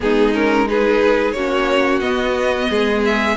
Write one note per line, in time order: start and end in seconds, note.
0.00 1.34 G#3
0.00 0.33 B3
0.00 0.69 D#4
0.00 0.34 G#4
0.33 0.67 C#4
0.33 0.67 A#4
0.67 1.35 D#4
0.67 1.36 G#4
0.67 1.32 B4
1.32 2.01 A#3
1.32 2.02 C#4
1.32 2.69 F#4
1.32 1.99 C#5
2.00 2.68 B3
2.00 3.37 B3
2.00 3.01 D#5
2.69 3.37 G#3
2.69 3.37 G#4
3.05 3.37 E5